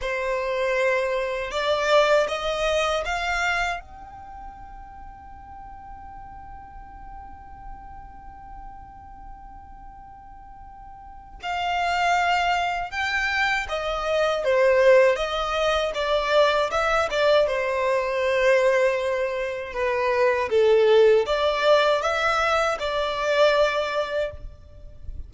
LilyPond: \new Staff \with { instrumentName = "violin" } { \time 4/4 \tempo 4 = 79 c''2 d''4 dis''4 | f''4 g''2.~ | g''1~ | g''2. f''4~ |
f''4 g''4 dis''4 c''4 | dis''4 d''4 e''8 d''8 c''4~ | c''2 b'4 a'4 | d''4 e''4 d''2 | }